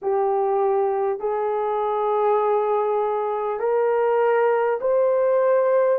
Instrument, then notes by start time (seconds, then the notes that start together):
horn
0.02 G4
1.19 G#4
3.59 A#4
4.81 C5